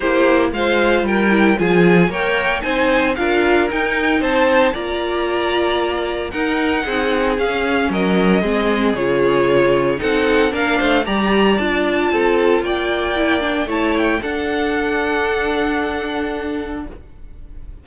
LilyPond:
<<
  \new Staff \with { instrumentName = "violin" } { \time 4/4 \tempo 4 = 114 c''4 f''4 g''4 gis''4 | g''4 gis''4 f''4 g''4 | a''4 ais''2. | fis''2 f''4 dis''4~ |
dis''4 cis''2 fis''4 | f''4 ais''4 a''2 | g''2 a''8 g''8 fis''4~ | fis''1 | }
  \new Staff \with { instrumentName = "violin" } { \time 4/4 g'4 c''4 ais'4 gis'4 | cis''4 c''4 ais'2 | c''4 d''2. | ais'4 gis'2 ais'4 |
gis'2. a'4 | ais'8 c''8 d''2 a'4 | d''2 cis''4 a'4~ | a'1 | }
  \new Staff \with { instrumentName = "viola" } { \time 4/4 e'4 f'4. e'8 f'4 | ais'4 dis'4 f'4 dis'4~ | dis'4 f'2. | dis'2 cis'2 |
c'4 f'2 dis'4 | d'4 g'4 f'2~ | f'4 e'8 d'8 e'4 d'4~ | d'1 | }
  \new Staff \with { instrumentName = "cello" } { \time 4/4 ais4 gis4 g4 f4 | ais4 c'4 d'4 dis'4 | c'4 ais2. | dis'4 c'4 cis'4 fis4 |
gis4 cis2 c'4 | ais8 a8 g4 d'4 c'4 | ais2 a4 d'4~ | d'1 | }
>>